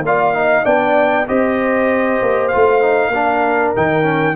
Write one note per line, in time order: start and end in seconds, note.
0.00 0.62 A#3
0.00 0.34 F4
0.00 0.36 D5
0.06 0.65 F5
0.34 0.64 D#4
0.34 0.65 D#5
0.64 1.27 B3
0.64 1.26 D4
0.64 1.27 D5
0.64 1.27 G5
1.28 2.22 C4
1.28 2.51 G4
1.28 3.12 C5
1.28 2.48 D#5
2.22 2.53 A#3
2.48 2.81 F4
2.48 3.72 F5
2.55 3.08 A3
2.81 3.12 D#4
3.08 3.70 A#3
3.08 3.76 D4
3.08 4.35 A#4
3.76 4.36 D#3
3.76 4.03 D#4
3.76 4.36 G5
4.03 4.34 C#4